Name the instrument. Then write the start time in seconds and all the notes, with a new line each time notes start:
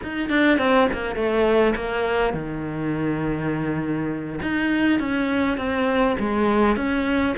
cello
0.03 D#4
0.29 D4
0.58 C4
0.93 A#3
1.15 A3
1.75 A#3
2.33 D#3
4.42 D#4
4.99 C#4
5.57 C4
6.19 G#3
6.76 C#4